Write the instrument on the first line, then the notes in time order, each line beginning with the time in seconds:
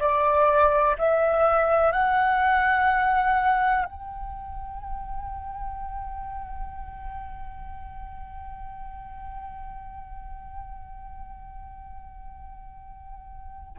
flute
0.00 D5
0.99 E5
1.92 F#5
3.85 G5